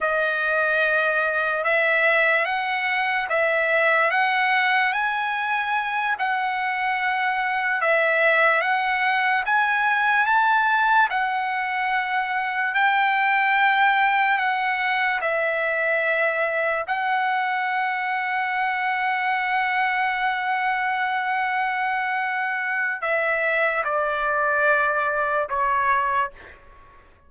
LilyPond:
\new Staff \with { instrumentName = "trumpet" } { \time 4/4 \tempo 4 = 73 dis''2 e''4 fis''4 | e''4 fis''4 gis''4. fis''8~ | fis''4. e''4 fis''4 gis''8~ | gis''8 a''4 fis''2 g''8~ |
g''4. fis''4 e''4.~ | e''8 fis''2.~ fis''8~ | fis''1 | e''4 d''2 cis''4 | }